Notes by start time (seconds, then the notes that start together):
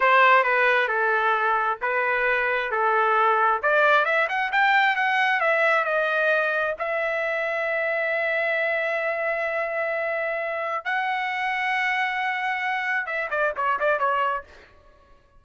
0.00 C5
0.43 B4
0.88 A4
1.81 B4
2.71 A4
3.62 D5
4.05 E5
4.28 F#5
4.51 G5
4.96 F#5
5.40 E5
5.84 D#5
6.79 E5
10.85 F#5
13.06 E5
13.30 D5
13.56 C#5
13.79 D5
13.99 C#5